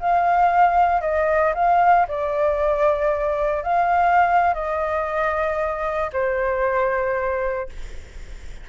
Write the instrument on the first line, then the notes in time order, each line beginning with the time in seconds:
flute
0.00 F5
1.02 D#5
1.55 F5
2.08 D5
3.64 F5
4.54 D#5
6.13 C5